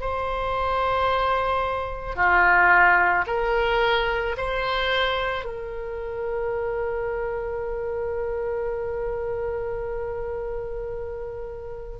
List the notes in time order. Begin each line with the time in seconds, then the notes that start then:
0.00 C5
2.15 F4
3.27 A#4
4.37 C5
5.44 A#4